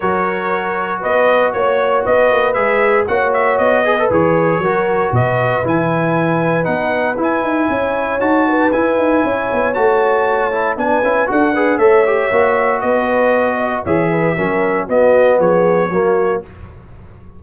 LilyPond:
<<
  \new Staff \with { instrumentName = "trumpet" } { \time 4/4 \tempo 4 = 117 cis''2 dis''4 cis''4 | dis''4 e''4 fis''8 e''8 dis''4 | cis''2 dis''4 gis''4~ | gis''4 fis''4 gis''2 |
a''4 gis''2 a''4~ | a''4 gis''4 fis''4 e''4~ | e''4 dis''2 e''4~ | e''4 dis''4 cis''2 | }
  \new Staff \with { instrumentName = "horn" } { \time 4/4 ais'2 b'4 cis''4 | b'2 cis''4. b'8~ | b'4 ais'4 b'2~ | b'2. cis''4~ |
cis''8 b'4. cis''2~ | cis''4 b'4 a'8 b'8 cis''4~ | cis''4 b'4. dis''8 cis''8 b'8 | ais'4 fis'4 gis'4 fis'4 | }
  \new Staff \with { instrumentName = "trombone" } { \time 4/4 fis'1~ | fis'4 gis'4 fis'4. gis'16 a'16 | gis'4 fis'2 e'4~ | e'4 dis'4 e'2 |
fis'4 e'2 fis'4~ | fis'8 e'8 d'8 e'8 fis'8 gis'8 a'8 g'8 | fis'2. gis'4 | cis'4 b2 ais4 | }
  \new Staff \with { instrumentName = "tuba" } { \time 4/4 fis2 b4 ais4 | b8 ais8 gis4 ais4 b4 | e4 fis4 b,4 e4~ | e4 b4 e'8 dis'8 cis'4 |
dis'4 e'8 dis'8 cis'8 b8 a4~ | a4 b8 cis'8 d'4 a4 | ais4 b2 e4 | fis4 b4 f4 fis4 | }
>>